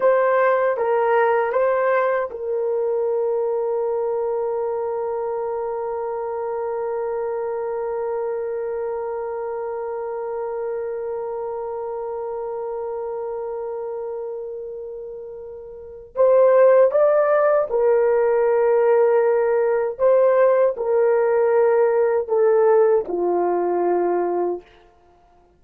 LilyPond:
\new Staff \with { instrumentName = "horn" } { \time 4/4 \tempo 4 = 78 c''4 ais'4 c''4 ais'4~ | ais'1~ | ais'1~ | ais'1~ |
ais'1~ | ais'4 c''4 d''4 ais'4~ | ais'2 c''4 ais'4~ | ais'4 a'4 f'2 | }